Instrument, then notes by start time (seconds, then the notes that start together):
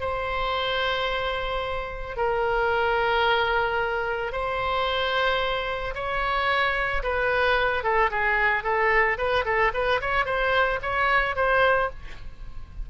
oboe
0.00 C5
2.16 A#4
4.32 C5
5.94 C#5
7.03 B4
7.83 A4
8.10 G#4
8.63 A4
9.17 B4
9.45 A4
9.73 B4
10.01 C#5
10.25 C5
10.82 C#5
11.36 C5